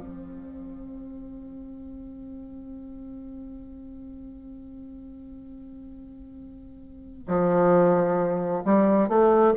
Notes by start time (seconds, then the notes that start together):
0.00 C4
7.29 F3
8.65 G3
9.09 A3